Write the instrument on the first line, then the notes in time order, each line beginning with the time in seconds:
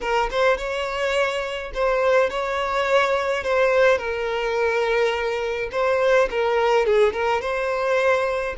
violin
0.01 A#4
0.30 C5
0.57 C#5
1.74 C5
2.30 C#5
3.43 C5
3.98 A#4
5.71 C5
6.30 A#4
6.85 G#4
7.12 A#4
7.41 C5